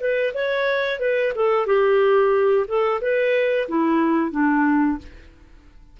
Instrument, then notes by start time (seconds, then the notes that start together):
clarinet
0.00 B4
0.35 C#5
1.00 B4
1.35 A4
1.67 G4
2.68 A4
3.02 B4
3.69 E4
4.32 D4